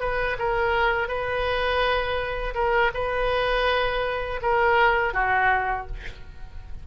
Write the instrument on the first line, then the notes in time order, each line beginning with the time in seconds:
oboe
0.00 B4
0.39 A#4
1.08 B4
2.54 A#4
2.94 B4
4.42 A#4
5.14 F#4